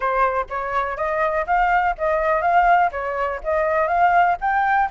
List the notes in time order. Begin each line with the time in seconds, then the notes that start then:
0.00 C5
0.49 C#5
0.96 D#5
1.46 F5
1.98 D#5
2.41 F5
2.91 C#5
3.43 D#5
3.87 F5
4.40 G5